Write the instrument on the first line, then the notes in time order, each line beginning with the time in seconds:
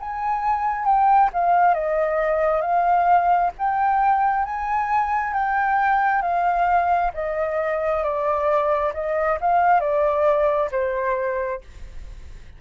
flute
0.00 G#5
0.85 G5
1.33 F5
1.74 D#5
2.61 F5
3.58 G5
4.45 G#5
5.34 G5
6.22 F5
7.14 D#5
8.04 D5
8.94 D#5
9.41 F5
9.80 D5
10.72 C5